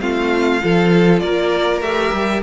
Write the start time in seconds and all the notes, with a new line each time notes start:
0.00 A3 C4 F4 F5
0.60 F3 F4 A4
1.19 A#3 A#4 D5
1.81 A3 G4 E5
2.12 G3